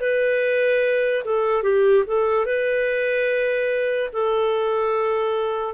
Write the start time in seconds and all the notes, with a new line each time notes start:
0.00 B4
1.24 A4
1.63 G4
2.07 A4
2.45 B4
4.12 A4